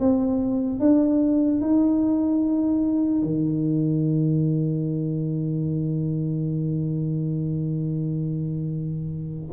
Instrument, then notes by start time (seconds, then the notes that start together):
tuba
0.00 C4
0.80 D4
1.61 D#4
3.22 D#3